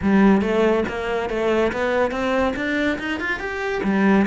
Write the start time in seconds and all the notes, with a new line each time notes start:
0.02 G3
0.41 A3
0.88 A#3
1.29 A3
1.72 B3
2.11 C4
2.56 D4
2.98 D#4
3.20 F4
3.39 G4
3.83 G3